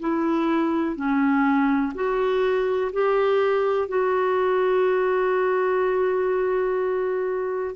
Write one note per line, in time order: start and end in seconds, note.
0.00 0.96 E4
0.96 1.93 C#4
1.95 2.92 F#4
2.93 3.88 G4
3.88 7.76 F#4